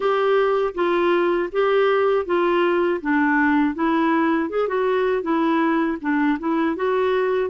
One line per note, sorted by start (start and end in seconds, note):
0.00 0.74 G4
0.74 1.49 F4
1.52 2.25 G4
2.25 3.00 F4
3.01 3.74 D4
3.74 4.49 E4
4.49 4.68 G#4
4.68 5.22 F#4
5.22 5.97 E4
6.01 6.38 D4
6.39 6.75 E4
6.75 7.50 F#4